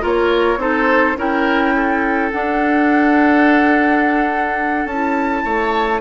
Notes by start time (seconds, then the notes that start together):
0.00 A#3 F4 A#4 C#5
0.56 C4 D#4 A4 C5
1.17 C#4 E4 A#4 G5
1.75 A4
2.31 D4 F#5
4.85 C#4 E4 A5
5.44 A3 C#5